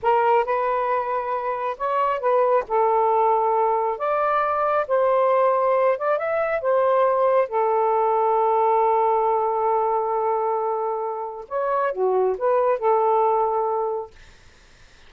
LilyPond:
\new Staff \with { instrumentName = "saxophone" } { \time 4/4 \tempo 4 = 136 ais'4 b'2. | cis''4 b'4 a'2~ | a'4 d''2 c''4~ | c''4. d''8 e''4 c''4~ |
c''4 a'2.~ | a'1~ | a'2 cis''4 fis'4 | b'4 a'2. | }